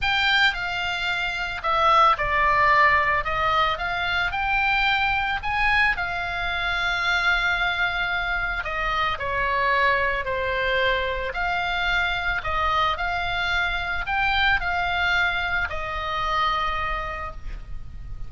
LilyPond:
\new Staff \with { instrumentName = "oboe" } { \time 4/4 \tempo 4 = 111 g''4 f''2 e''4 | d''2 dis''4 f''4 | g''2 gis''4 f''4~ | f''1 |
dis''4 cis''2 c''4~ | c''4 f''2 dis''4 | f''2 g''4 f''4~ | f''4 dis''2. | }